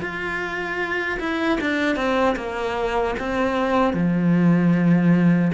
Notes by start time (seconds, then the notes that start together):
0.00 F4
1.19 E4
1.60 D4
1.96 C4
2.36 A#3
3.19 C4
3.94 F3